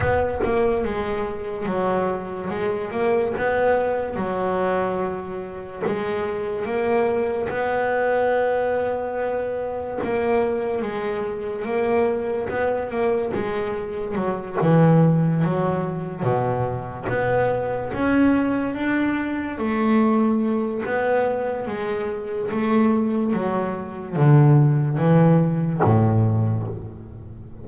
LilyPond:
\new Staff \with { instrumentName = "double bass" } { \time 4/4 \tempo 4 = 72 b8 ais8 gis4 fis4 gis8 ais8 | b4 fis2 gis4 | ais4 b2. | ais4 gis4 ais4 b8 ais8 |
gis4 fis8 e4 fis4 b,8~ | b,8 b4 cis'4 d'4 a8~ | a4 b4 gis4 a4 | fis4 d4 e4 a,4 | }